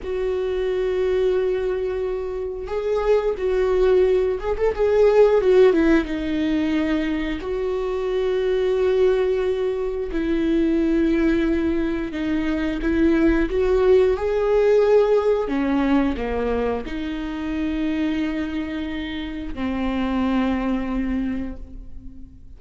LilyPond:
\new Staff \with { instrumentName = "viola" } { \time 4/4 \tempo 4 = 89 fis'1 | gis'4 fis'4. gis'16 a'16 gis'4 | fis'8 e'8 dis'2 fis'4~ | fis'2. e'4~ |
e'2 dis'4 e'4 | fis'4 gis'2 cis'4 | ais4 dis'2.~ | dis'4 c'2. | }